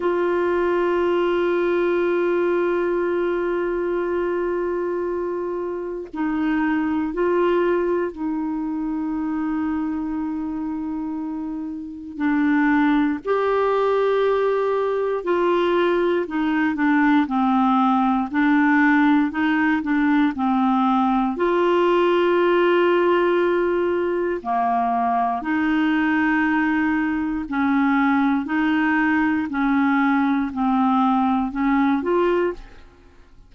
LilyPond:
\new Staff \with { instrumentName = "clarinet" } { \time 4/4 \tempo 4 = 59 f'1~ | f'2 dis'4 f'4 | dis'1 | d'4 g'2 f'4 |
dis'8 d'8 c'4 d'4 dis'8 d'8 | c'4 f'2. | ais4 dis'2 cis'4 | dis'4 cis'4 c'4 cis'8 f'8 | }